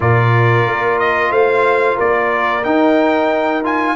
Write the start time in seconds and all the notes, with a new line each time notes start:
0.00 A#2 F4 A#4 D5
0.66 A#3
0.99 D#5
1.30 A3 C5 F5
1.96 A#3 A#4 D5
2.64 D#4 G5
3.63 F4 G#5